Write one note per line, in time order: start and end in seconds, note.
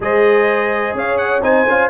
0.00 0.93 G#3
0.00 1.42 G#4
0.00 0.98 C5
0.00 0.97 D#5
0.93 1.41 C#4
0.93 1.44 C#5
0.93 1.17 F5
1.17 1.41 F#5
1.41 1.65 C4
1.41 1.65 D#4
1.41 1.89 C5
1.41 1.89 G#5
1.67 1.89 C#4
1.67 1.89 F4